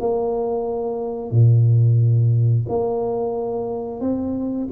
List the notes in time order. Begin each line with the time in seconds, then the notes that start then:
0.00 A#3
1.31 A#2
2.68 A#3
4.00 C4